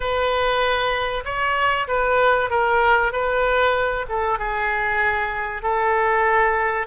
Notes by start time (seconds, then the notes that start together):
0.00 B4
1.24 C#5
1.87 B4
2.50 A#4
3.12 B4
4.08 A4
4.38 G#4
5.62 A4